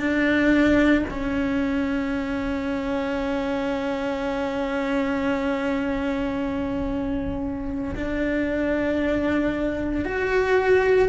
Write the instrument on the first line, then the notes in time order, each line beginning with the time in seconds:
cello
0.00 D4
1.11 C#4
7.95 D4
10.05 F#4